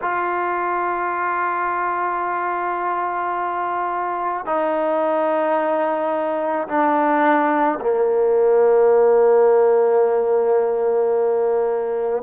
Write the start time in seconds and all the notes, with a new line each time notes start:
0.01 F4
4.45 D#4
6.68 D4
7.80 A#3